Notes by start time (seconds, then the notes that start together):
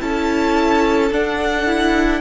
0.00 C#4 E4 A4 A5
1.11 D4 F#5
1.66 E4